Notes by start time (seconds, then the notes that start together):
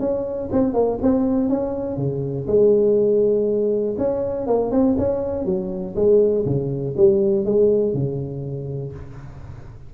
0.00 C#4
0.53 C4
0.74 A#3
1.03 C4
1.50 C#4
1.97 C#3
2.48 G#3
3.98 C#4
4.47 A#3
4.72 C4
4.98 C#4
5.46 F#3
5.96 G#3
6.46 C#3
6.98 G3
7.46 G#3
7.94 C#3